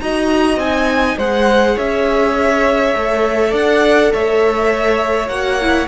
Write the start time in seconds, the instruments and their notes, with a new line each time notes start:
0.00 cello D#4, viola F#4, violin D#5 A#5
0.56 cello C4, viola D#4, violin G#5
1.17 cello G#3, viola G#4, violin C5 F#5
1.76 cello C#4, violin C#5 E5
2.94 cello A3, viola A4
3.50 cello D4, violin D5 F#5
4.13 cello A3, violin C#5 E5
5.28 cello A#3, viola F#4, violin F#5
5.61 viola E4